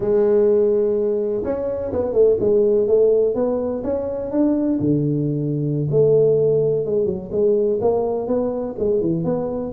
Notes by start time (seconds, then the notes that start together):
0.00 G#3
1.44 C#4
1.92 B3
2.13 A3
2.40 G#3
2.87 A3
3.34 B3
3.83 C#4
4.31 D4
4.80 D3
5.90 A3
6.85 G#3
7.05 F#3
7.31 G#3
7.81 A#3
8.27 B3
8.79 G#3
9.00 E3
9.24 B3